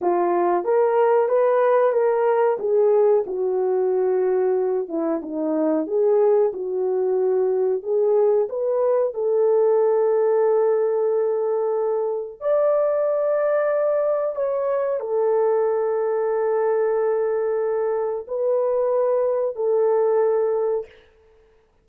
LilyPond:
\new Staff \with { instrumentName = "horn" } { \time 4/4 \tempo 4 = 92 f'4 ais'4 b'4 ais'4 | gis'4 fis'2~ fis'8 e'8 | dis'4 gis'4 fis'2 | gis'4 b'4 a'2~ |
a'2. d''4~ | d''2 cis''4 a'4~ | a'1 | b'2 a'2 | }